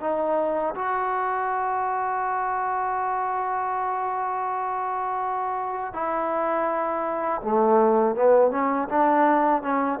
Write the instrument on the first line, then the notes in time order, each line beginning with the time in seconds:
trombone
0.00 D#4
0.74 F#4
5.93 E4
7.41 A3
8.15 B3
8.51 C#4
8.89 D4
9.62 C#4